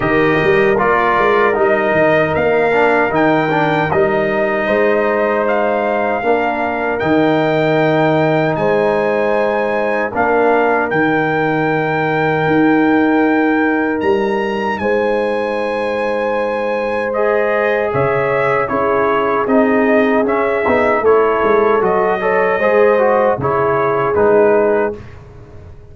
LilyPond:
<<
  \new Staff \with { instrumentName = "trumpet" } { \time 4/4 \tempo 4 = 77 dis''4 d''4 dis''4 f''4 | g''4 dis''2 f''4~ | f''4 g''2 gis''4~ | gis''4 f''4 g''2~ |
g''2 ais''4 gis''4~ | gis''2 dis''4 e''4 | cis''4 dis''4 e''4 cis''4 | dis''2 cis''4 b'4 | }
  \new Staff \with { instrumentName = "horn" } { \time 4/4 ais'1~ | ais'2 c''2 | ais'2. c''4~ | c''4 ais'2.~ |
ais'2. c''4~ | c''2. cis''4 | gis'2. a'4~ | a'8 cis''8 c''4 gis'2 | }
  \new Staff \with { instrumentName = "trombone" } { \time 4/4 g'4 f'4 dis'4. d'8 | dis'8 d'8 dis'2. | d'4 dis'2.~ | dis'4 d'4 dis'2~ |
dis'1~ | dis'2 gis'2 | e'4 dis'4 cis'8 dis'8 e'4 | fis'8 a'8 gis'8 fis'8 e'4 dis'4 | }
  \new Staff \with { instrumentName = "tuba" } { \time 4/4 dis8 g8 ais8 gis8 g8 dis8 ais4 | dis4 g4 gis2 | ais4 dis2 gis4~ | gis4 ais4 dis2 |
dis'2 g4 gis4~ | gis2. cis4 | cis'4 c'4 cis'8 b8 a8 gis8 | fis4 gis4 cis4 gis4 | }
>>